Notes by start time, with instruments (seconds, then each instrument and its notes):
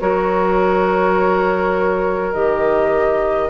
0.00 bassoon F#3, clarinet F#4, oboe A#4, flute C#5
2.33 bassoon D#3, clarinet G4, flute D#5